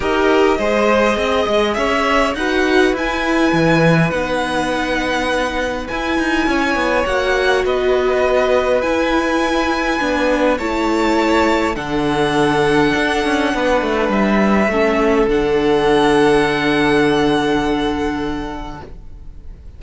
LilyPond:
<<
  \new Staff \with { instrumentName = "violin" } { \time 4/4 \tempo 4 = 102 dis''2. e''4 | fis''4 gis''2 fis''4~ | fis''2 gis''2 | fis''4 dis''2 gis''4~ |
gis''2 a''2 | fis''1 | e''2 fis''2~ | fis''1 | }
  \new Staff \with { instrumentName = "violin" } { \time 4/4 ais'4 c''4 dis''4 cis''4 | b'1~ | b'2. cis''4~ | cis''4 b'2.~ |
b'2 cis''2 | a'2. b'4~ | b'4 a'2.~ | a'1 | }
  \new Staff \with { instrumentName = "viola" } { \time 4/4 g'4 gis'2. | fis'4 e'2 dis'4~ | dis'2 e'2 | fis'2. e'4~ |
e'4 d'4 e'2 | d'1~ | d'4 cis'4 d'2~ | d'1 | }
  \new Staff \with { instrumentName = "cello" } { \time 4/4 dis'4 gis4 c'8 gis8 cis'4 | dis'4 e'4 e4 b4~ | b2 e'8 dis'8 cis'8 b8 | ais4 b2 e'4~ |
e'4 b4 a2 | d2 d'8 cis'8 b8 a8 | g4 a4 d2~ | d1 | }
>>